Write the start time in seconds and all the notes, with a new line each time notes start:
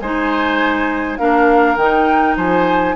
0.00 G#3 D#4 C5 G#5
1.17 A#3 D4 A#4 F5
1.76 D#3 D#4 G5
2.36 F3 C5 G#5